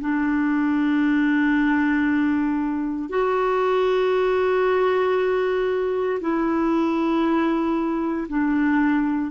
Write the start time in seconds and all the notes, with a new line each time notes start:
0.00 D4
3.09 F#4
6.20 E4
8.28 D4